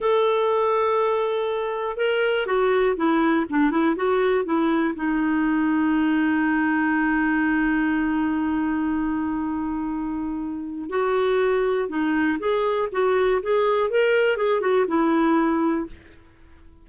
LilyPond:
\new Staff \with { instrumentName = "clarinet" } { \time 4/4 \tempo 4 = 121 a'1 | ais'4 fis'4 e'4 d'8 e'8 | fis'4 e'4 dis'2~ | dis'1~ |
dis'1~ | dis'2 fis'2 | dis'4 gis'4 fis'4 gis'4 | ais'4 gis'8 fis'8 e'2 | }